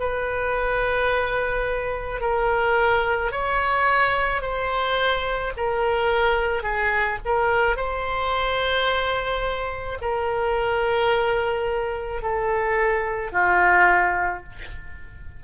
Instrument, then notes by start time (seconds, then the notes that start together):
oboe
0.00 B4
2.21 A#4
3.32 C#5
4.42 C5
5.58 A#4
6.64 G#4
7.26 A#4
7.77 C5
10.02 A#4
12.22 A4
13.32 F4